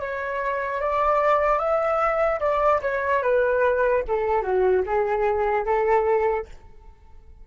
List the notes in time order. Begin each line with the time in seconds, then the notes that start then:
0.00 C#5
0.81 D5
1.59 E5
2.40 D5
2.82 C#5
3.23 B4
4.08 A4
4.42 F#4
4.86 G#4
5.65 A4